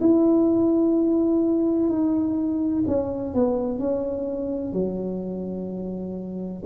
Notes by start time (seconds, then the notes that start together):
0.00 E4
1.89 D#4
2.87 C#4
3.34 B3
3.78 C#4
4.72 F#3